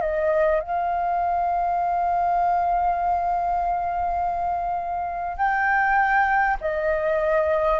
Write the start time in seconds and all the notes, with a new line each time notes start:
0.00 D#5
0.60 F5
5.37 G5
6.60 D#5